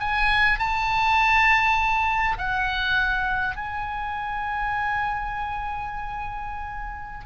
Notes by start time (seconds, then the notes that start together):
0.00 G#5
0.59 A5
2.38 F#5
3.56 G#5